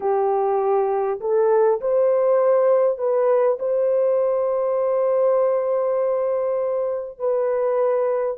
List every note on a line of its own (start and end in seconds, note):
0.00 1.20 G4
1.20 1.80 A4
1.81 2.97 C5
2.97 3.57 B4
3.59 7.18 C5
7.18 8.37 B4